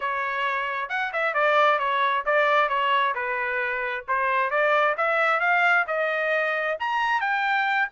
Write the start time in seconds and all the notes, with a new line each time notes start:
0.00 C#5
0.89 F#5
1.12 E5
1.33 D5
1.79 C#5
2.25 D5
2.68 C#5
3.14 B4
4.08 C5
4.50 D5
4.97 E5
5.40 F5
5.87 D#5
6.79 A#5
7.20 G5